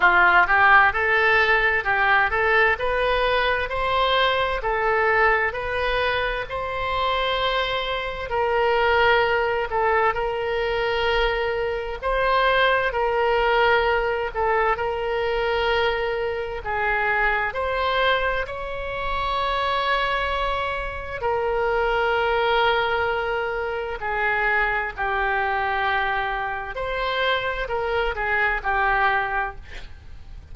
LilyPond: \new Staff \with { instrumentName = "oboe" } { \time 4/4 \tempo 4 = 65 f'8 g'8 a'4 g'8 a'8 b'4 | c''4 a'4 b'4 c''4~ | c''4 ais'4. a'8 ais'4~ | ais'4 c''4 ais'4. a'8 |
ais'2 gis'4 c''4 | cis''2. ais'4~ | ais'2 gis'4 g'4~ | g'4 c''4 ais'8 gis'8 g'4 | }